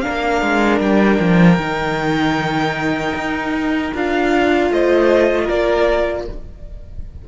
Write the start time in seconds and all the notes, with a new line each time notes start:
0.00 A#3 D4 A#4 F5
0.41 G#3
0.79 G3 G5
1.19 F3
1.57 D#3 D#4
3.14 D#4
3.94 D4 F4 F5
4.70 A3 C5 D#5
5.44 A#3 A#4 D5